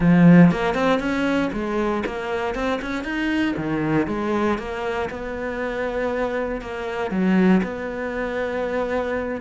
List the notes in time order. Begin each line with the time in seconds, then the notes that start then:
0.00 F3
0.51 A#3
0.74 C4
0.99 C#4
1.52 G#3
2.05 A#3
2.54 C4
2.81 C#4
3.03 D#4
3.57 D#3
4.07 G#3
4.58 A#3
5.10 B3
6.61 A#3
7.10 F#3
7.63 B3